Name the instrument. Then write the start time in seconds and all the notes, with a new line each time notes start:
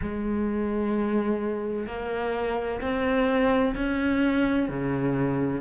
cello
0.01 G#3
1.87 A#3
2.81 C4
3.75 C#4
4.68 C#3